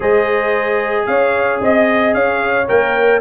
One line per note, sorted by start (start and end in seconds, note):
0.00 1.07 G#3
0.00 2.64 G#4
0.00 1.06 C5
0.00 1.06 D#5
1.06 1.60 C#4
1.06 1.61 C#5
1.06 1.59 F5
1.61 2.14 C4
1.61 2.15 D#5
1.61 2.14 D#5
2.14 2.68 C#4
2.14 3.21 C#5
2.14 2.67 F5
2.68 3.21 A#3
2.68 3.21 A#4
2.68 3.21 G5